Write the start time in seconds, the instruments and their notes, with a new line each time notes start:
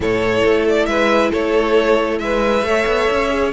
0.00 cello A2, viola E4, violin A4 C#5
0.44 cello A3
0.67 violin D5
0.85 cello G#3, violin B4 E5
1.31 cello A3, violin A4 C#5
2.18 cello G#3, violin B4 E5
2.62 cello A3, viola A4, violin C#5
2.86 cello B3
3.10 cello C#4
3.30 viola G#4